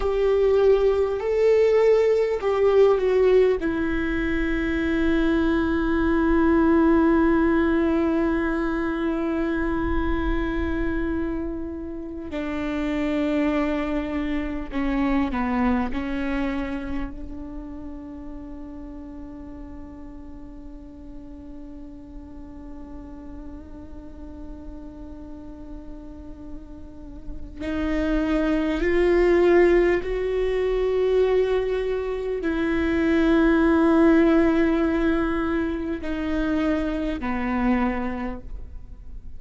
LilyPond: \new Staff \with { instrumentName = "viola" } { \time 4/4 \tempo 4 = 50 g'4 a'4 g'8 fis'8 e'4~ | e'1~ | e'2~ e'16 d'4.~ d'16~ | d'16 cis'8 b8 cis'4 d'4.~ d'16~ |
d'1~ | d'2. dis'4 | f'4 fis'2 e'4~ | e'2 dis'4 b4 | }